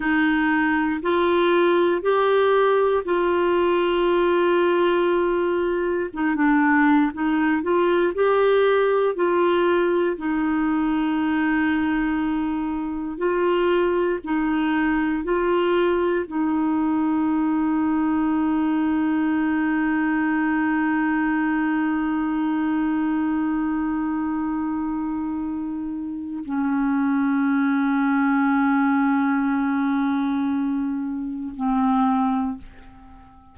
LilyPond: \new Staff \with { instrumentName = "clarinet" } { \time 4/4 \tempo 4 = 59 dis'4 f'4 g'4 f'4~ | f'2 dis'16 d'8. dis'8 f'8 | g'4 f'4 dis'2~ | dis'4 f'4 dis'4 f'4 |
dis'1~ | dis'1~ | dis'2 cis'2~ | cis'2. c'4 | }